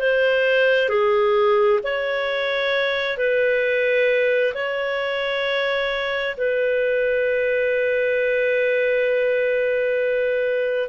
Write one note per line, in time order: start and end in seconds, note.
0.00 0.89 C5
0.89 1.80 G#4
1.83 3.17 C#5
3.17 4.53 B4
4.54 6.36 C#5
6.37 10.89 B4